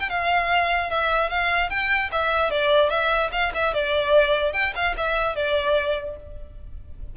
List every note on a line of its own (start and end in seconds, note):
0.00 0.10 G5
0.10 0.90 F5
0.90 1.30 E5
1.30 1.70 F5
1.70 2.10 G5
2.12 2.51 E5
2.51 2.90 D5
2.90 3.31 E5
3.32 3.52 F5
3.55 3.74 E5
3.74 4.53 D5
4.53 4.74 G5
4.76 4.96 F5
4.97 5.36 E5
5.36 6.17 D5